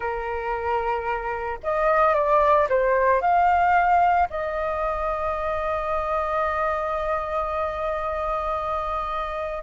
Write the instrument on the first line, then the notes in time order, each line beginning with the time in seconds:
flute
0.00 A#4
1.63 D#5
2.14 D5
2.69 C5
3.21 F5
4.30 D#5